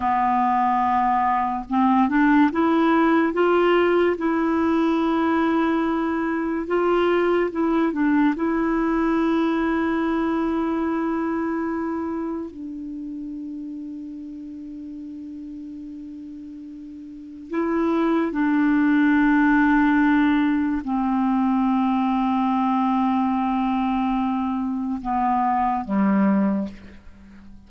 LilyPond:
\new Staff \with { instrumentName = "clarinet" } { \time 4/4 \tempo 4 = 72 b2 c'8 d'8 e'4 | f'4 e'2. | f'4 e'8 d'8 e'2~ | e'2. d'4~ |
d'1~ | d'4 e'4 d'2~ | d'4 c'2.~ | c'2 b4 g4 | }